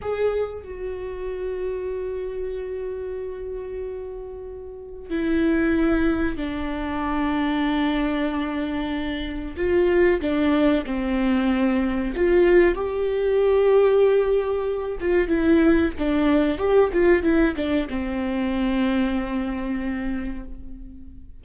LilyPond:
\new Staff \with { instrumentName = "viola" } { \time 4/4 \tempo 4 = 94 gis'4 fis'2.~ | fis'1 | e'2 d'2~ | d'2. f'4 |
d'4 c'2 f'4 | g'2.~ g'8 f'8 | e'4 d'4 g'8 f'8 e'8 d'8 | c'1 | }